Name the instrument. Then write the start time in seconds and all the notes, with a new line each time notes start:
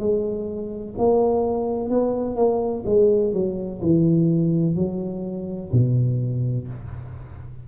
tuba
0.00 G#3
0.99 A#3
1.90 B3
2.36 A#3
2.86 G#3
3.33 F#3
3.82 E3
4.76 F#3
5.73 B2